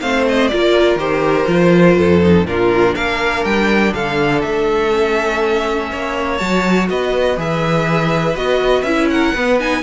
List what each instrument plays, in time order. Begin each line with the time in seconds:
0.00 cello A3, viola C4, violin C5 F5
0.28 violin D#5
0.47 viola F4, violin A#4 D5
0.53 cello A#3
0.95 cello D#3, viola G4, violin C5
1.47 cello F3, viola F4
1.96 cello F2, violin A4
2.21 viola D#4
2.45 cello A#2, viola D4, violin F4 A#4
2.94 cello A#3, violin A#4 F5
3.44 cello G3, violin G5
3.94 cello D3, violin A4 F5
4.41 cello A3, violin E5
4.90 viola C#4
5.90 cello A#3, violin C#5
6.37 cello F#3, viola F#4, violin A5
6.89 cello B3, violin B4 D#5
7.37 cello E3, viola G#4, violin E5
8.35 cello B3, viola F#4, violin D#5
8.82 cello C#4, viola E4, violin E5
9.10 violin A#4 F#5
9.33 cello B3, viola B3, violin B4
9.60 viola D#4, violin G#5